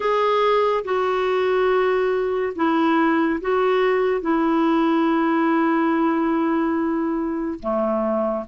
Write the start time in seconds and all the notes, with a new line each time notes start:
0.00 G#4
0.84 F#4
2.55 E4
3.40 F#4
4.21 E4
7.59 A3